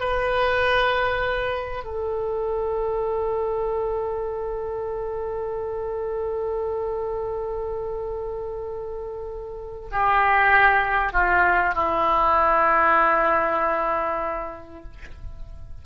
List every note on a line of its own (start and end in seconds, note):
0.00 1.84 B4
1.84 9.88 A4
9.92 11.13 G4
11.13 11.74 F4
11.74 14.84 E4